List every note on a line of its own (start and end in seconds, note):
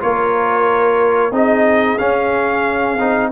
0.00 1.31 A#3
0.00 1.32 F4
0.00 1.32 A#4
0.00 1.34 C#5
1.31 1.97 C4
1.31 1.98 D#4
1.31 3.30 G#4
1.31 1.98 D#5
1.98 2.98 C#4
1.98 2.99 C#4
1.98 3.30 F5
2.99 3.31 C4
2.99 3.31 D#4